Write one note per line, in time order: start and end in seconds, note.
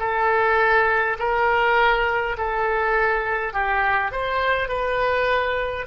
0.00 1.18 A4
1.19 2.36 A#4
2.37 3.53 A4
3.53 4.12 G4
4.12 4.68 C5
4.68 5.86 B4